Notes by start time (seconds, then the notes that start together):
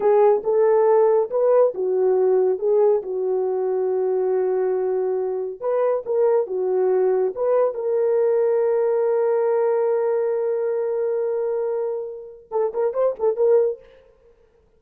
0.00 G#4
0.43 A4
1.30 B4
1.74 F#4
2.59 G#4
3.02 F#4
5.60 B4
6.05 A#4
6.46 F#4
7.35 B4
7.74 A#4
12.51 A4
12.73 A#4
12.93 C5
13.19 A4
13.36 A#4